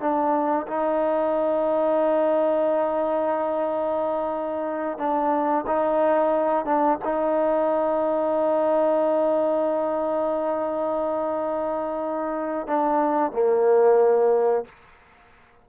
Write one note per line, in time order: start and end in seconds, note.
0.00 0.67 D4
0.68 4.98 D#4
4.98 5.65 D4
5.67 6.65 D#4
6.65 6.99 D4
7.05 12.67 D#4
12.67 13.32 D4
13.32 14.65 A#3